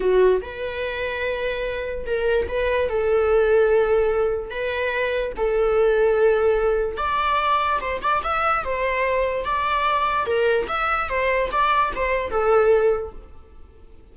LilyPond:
\new Staff \with { instrumentName = "viola" } { \time 4/4 \tempo 4 = 146 fis'4 b'2.~ | b'4 ais'4 b'4 a'4~ | a'2. b'4~ | b'4 a'2.~ |
a'4 d''2 c''8 d''8 | e''4 c''2 d''4~ | d''4 ais'4 e''4 c''4 | d''4 c''4 a'2 | }